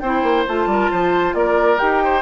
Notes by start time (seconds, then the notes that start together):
0.00 C4 E4 C5 G5
0.23 A#3
0.48 A3 F4 A5
0.66 G3 A#4
0.91 F3 C5
1.34 A#3 A#4 D5
1.78 D#4 G4 G5
2.04 C5